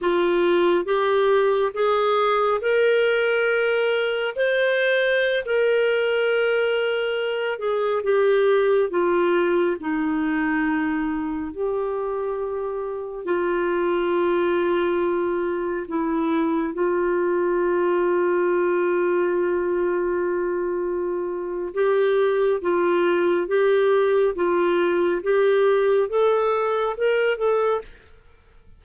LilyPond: \new Staff \with { instrumentName = "clarinet" } { \time 4/4 \tempo 4 = 69 f'4 g'4 gis'4 ais'4~ | ais'4 c''4~ c''16 ais'4.~ ais'16~ | ais'8. gis'8 g'4 f'4 dis'8.~ | dis'4~ dis'16 g'2 f'8.~ |
f'2~ f'16 e'4 f'8.~ | f'1~ | f'4 g'4 f'4 g'4 | f'4 g'4 a'4 ais'8 a'8 | }